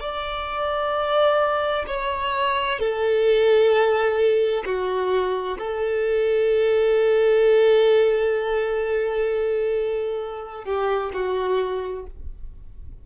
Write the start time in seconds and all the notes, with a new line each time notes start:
0.00 D5
1.87 C#5
2.79 A4
4.65 F#4
5.58 A4
10.64 G4
11.13 F#4